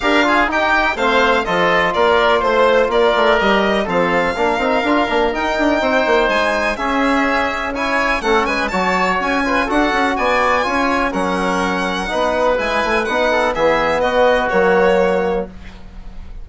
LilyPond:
<<
  \new Staff \with { instrumentName = "violin" } { \time 4/4 \tempo 4 = 124 f''4 g''4 f''4 dis''4 | d''4 c''4 d''4 dis''4 | f''2. g''4~ | g''4 gis''4 e''2 |
gis''4 fis''8 gis''8 a''4 gis''4 | fis''4 gis''2 fis''4~ | fis''2 gis''4 fis''4 | e''4 dis''4 cis''2 | }
  \new Staff \with { instrumentName = "oboe" } { \time 4/4 ais'8 gis'8 g'4 c''4 a'4 | ais'4 c''4 ais'2 | a'4 ais'2. | c''2 gis'2 |
cis''4 a'8 b'8 cis''4. b'8 | a'4 d''4 cis''4 ais'4~ | ais'4 b'2~ b'8 a'8 | gis'4 fis'2. | }
  \new Staff \with { instrumentName = "trombone" } { \time 4/4 g'8 f'8 dis'4 c'4 f'4~ | f'2. g'4 | c'4 d'8 dis'8 f'8 d'8 dis'4~ | dis'2 cis'2 |
e'4 cis'4 fis'4. f'8 | fis'2 f'4 cis'4~ | cis'4 dis'4 e'4 dis'4 | b2 ais2 | }
  \new Staff \with { instrumentName = "bassoon" } { \time 4/4 d'4 dis'4 a4 f4 | ais4 a4 ais8 a8 g4 | f4 ais8 c'8 d'8 ais8 dis'8 d'8 | c'8 ais8 gis4 cis'2~ |
cis'4 a8 gis8 fis4 cis'4 | d'8 cis'8 b4 cis'4 fis4~ | fis4 b4 gis8 a8 b4 | e4 b4 fis2 | }
>>